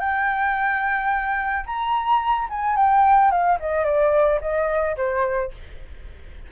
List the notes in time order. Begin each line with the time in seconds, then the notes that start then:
0.00 G5
1.66 A#5
2.50 G#5
2.77 G5
3.32 F5
3.60 D#5
3.85 D5
4.41 D#5
4.97 C5